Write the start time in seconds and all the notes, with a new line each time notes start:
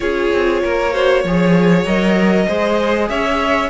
0.00 C#4 F4 G#4 C#5
0.32 C4
0.63 A#3 A#4
0.92 F#4 C5
1.22 F3 G#4 C#5
1.85 F#3 A#4 D#5
2.47 G#3 G#4 C5
3.09 C#4 C#5 E5